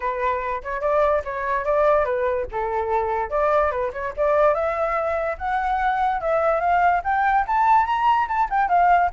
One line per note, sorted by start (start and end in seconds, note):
0.00 0.62 B4
0.63 0.81 C#5
0.81 1.22 D5
1.24 1.64 C#5
1.64 2.04 D5
2.04 2.46 B4
2.51 3.30 A4
3.30 3.71 D5
3.71 3.91 B4
3.92 4.13 C#5
4.16 4.54 D5
4.54 5.37 E5
5.38 6.21 F#5
6.21 6.60 E5
6.60 7.01 F5
7.03 7.45 G5
7.47 7.86 A5
7.86 8.27 A#5
8.28 8.48 A5
8.50 8.68 G5
8.68 9.10 F5